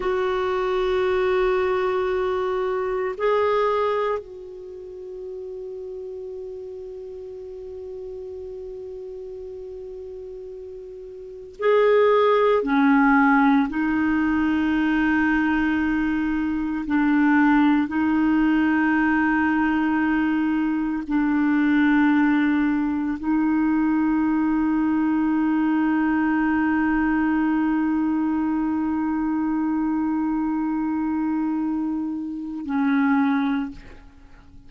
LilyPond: \new Staff \with { instrumentName = "clarinet" } { \time 4/4 \tempo 4 = 57 fis'2. gis'4 | fis'1~ | fis'2. gis'4 | cis'4 dis'2. |
d'4 dis'2. | d'2 dis'2~ | dis'1~ | dis'2. cis'4 | }